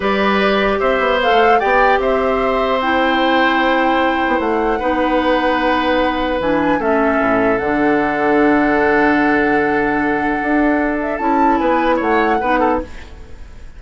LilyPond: <<
  \new Staff \with { instrumentName = "flute" } { \time 4/4 \tempo 4 = 150 d''2 e''4 f''4 | g''4 e''2 g''4~ | g''2. fis''4~ | fis''1 |
gis''4 e''2 fis''4~ | fis''1~ | fis''2.~ fis''8 e''8 | a''4 gis''4 fis''2 | }
  \new Staff \with { instrumentName = "oboe" } { \time 4/4 b'2 c''2 | d''4 c''2.~ | c''1 | b'1~ |
b'4 a'2.~ | a'1~ | a'1~ | a'4 b'4 cis''4 b'8 a'8 | }
  \new Staff \with { instrumentName = "clarinet" } { \time 4/4 g'2. a'4 | g'2. e'4~ | e'1 | dis'1 |
d'4 cis'2 d'4~ | d'1~ | d'1 | e'2. dis'4 | }
  \new Staff \with { instrumentName = "bassoon" } { \time 4/4 g2 c'8 b8. a8. | b4 c'2.~ | c'2~ c'8. b16 a4 | b1 |
e4 a4 a,4 d4~ | d1~ | d2 d'2 | cis'4 b4 a4 b4 | }
>>